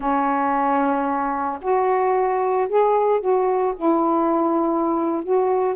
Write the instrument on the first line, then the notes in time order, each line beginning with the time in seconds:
saxophone
0.00 C#4
1.61 F#4
2.68 G#4
3.20 F#4
3.76 E4
5.23 F#4